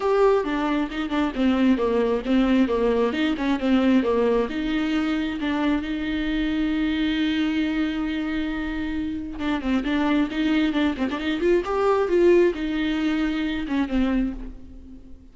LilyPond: \new Staff \with { instrumentName = "viola" } { \time 4/4 \tempo 4 = 134 g'4 d'4 dis'8 d'8 c'4 | ais4 c'4 ais4 dis'8 cis'8 | c'4 ais4 dis'2 | d'4 dis'2.~ |
dis'1~ | dis'4 d'8 c'8 d'4 dis'4 | d'8 c'16 d'16 dis'8 f'8 g'4 f'4 | dis'2~ dis'8 cis'8 c'4 | }